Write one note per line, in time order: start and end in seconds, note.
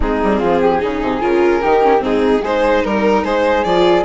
0.00 0.22 G#3
0.00 0.80 C4
0.00 0.39 D#4
0.00 1.21 G#4
0.22 0.42 G3
0.39 0.82 F3
0.39 0.59 F4
0.61 0.81 G4
0.80 1.01 C#3
0.80 1.20 D#4
0.80 1.62 G#4
1.01 1.21 C3
1.20 1.62 C#3
1.20 1.61 F4
1.20 2.02 A#4
1.62 2.00 D#3
1.62 1.82 D#4
1.62 2.02 G4
1.82 1.98 C#4
1.98 2.41 G#2
1.98 2.39 C4
1.98 2.41 D#4
1.98 2.44 G#4
2.41 2.83 G#3
2.41 3.65 D#4
2.41 2.81 G#4
2.41 2.85 C5
2.83 3.24 G3
2.83 3.24 A#4
3.24 3.64 G#3
3.24 4.05 G#4
3.24 3.64 C5
3.64 4.05 F3
3.64 4.05 F4
3.64 4.04 D5